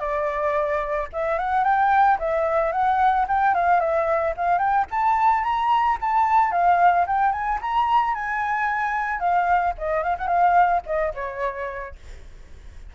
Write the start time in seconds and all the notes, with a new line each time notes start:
0.00 D5
1.13 E5
1.39 F#5
1.64 G5
2.19 E5
2.72 F#5
3.28 G5
3.55 F5
3.80 E5
4.37 F5
4.58 G5
4.91 A5
5.44 A#5
6.01 A5
6.52 F5
7.07 G5
7.32 G#5
7.61 A#5
8.15 G#5
9.20 F5
9.78 D#5
10.03 F5
10.18 F#5
10.28 F5
10.86 D#5
11.14 C#5